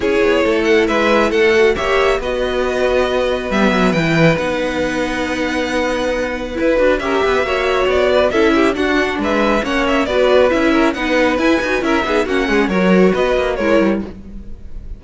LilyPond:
<<
  \new Staff \with { instrumentName = "violin" } { \time 4/4 \tempo 4 = 137 cis''4. fis''8 e''4 fis''4 | e''4 dis''2. | e''4 g''4 fis''2~ | fis''2. b'4 |
e''2 d''4 e''4 | fis''4 e''4 fis''8 e''8 d''4 | e''4 fis''4 gis''4 e''4 | fis''4 cis''4 dis''4 cis''4 | }
  \new Staff \with { instrumentName = "violin" } { \time 4/4 gis'4 a'4 b'4 a'4 | cis''4 b'2.~ | b'1~ | b'1 |
ais'8 b'8 cis''4. b'8 a'8 g'8 | fis'4 b'4 cis''4 b'4~ | b'8 ais'8 b'2 ais'8 gis'8 | fis'8 gis'8 ais'4 b'4 ais'4 | }
  \new Staff \with { instrumentName = "viola" } { \time 4/4 e'2.~ e'8 fis'8 | g'4 fis'2. | b4 e'4 dis'2~ | dis'2. e'8 fis'8 |
g'4 fis'2 e'4 | d'2 cis'4 fis'4 | e'4 dis'4 e'8 fis'8 e'8 dis'8 | cis'4 fis'2 e'4 | }
  \new Staff \with { instrumentName = "cello" } { \time 4/4 cis'8 b8 a4 gis4 a4 | ais4 b2. | g8 fis8 e4 b2~ | b2. e'8 d'8 |
cis'8 b8 ais4 b4 cis'4 | d'4 gis4 ais4 b4 | cis'4 b4 e'8 dis'8 cis'8 b8 | ais8 gis8 fis4 b8 ais8 gis8 g8 | }
>>